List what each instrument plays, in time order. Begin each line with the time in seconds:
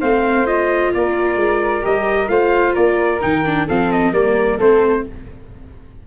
0.00 tuba A3, viola C4, flute C5, trumpet F5
0.46 viola F4, trumpet D#5
0.94 tuba A#3, flute A#4, trumpet D5
1.36 tuba G#3
1.81 tuba G3, viola G4, trumpet D#5
2.28 tuba A3, viola F4, flute C5, trumpet F5
2.73 tuba A#3, flute A#4, trumpet D5
3.21 tuba D#3, viola D#4, trumpet G5
3.45 viola D4
3.66 tuba F3, viola C4, flute A4, trumpet F5
3.92 trumpet D#5
4.12 tuba G3, viola A#3, flute A#4, trumpet D5
4.57 tuba A3, viola C4, flute A4, trumpet C5